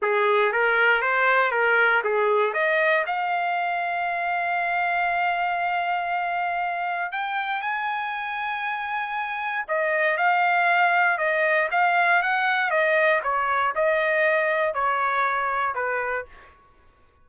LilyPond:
\new Staff \with { instrumentName = "trumpet" } { \time 4/4 \tempo 4 = 118 gis'4 ais'4 c''4 ais'4 | gis'4 dis''4 f''2~ | f''1~ | f''2 g''4 gis''4~ |
gis''2. dis''4 | f''2 dis''4 f''4 | fis''4 dis''4 cis''4 dis''4~ | dis''4 cis''2 b'4 | }